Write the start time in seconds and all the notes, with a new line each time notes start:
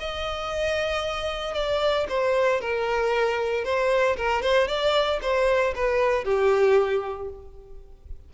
0.00 D#5
1.55 D5
2.09 C5
2.61 A#4
3.65 C5
4.17 A#4
4.42 C5
4.68 D5
5.22 C5
5.76 B4
6.24 G4